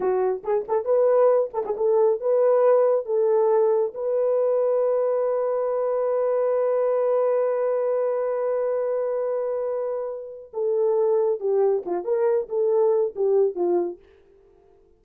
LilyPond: \new Staff \with { instrumentName = "horn" } { \time 4/4 \tempo 4 = 137 fis'4 gis'8 a'8 b'4. a'16 gis'16 | a'4 b'2 a'4~ | a'4 b'2.~ | b'1~ |
b'1~ | b'1 | a'2 g'4 f'8 ais'8~ | ais'8 a'4. g'4 f'4 | }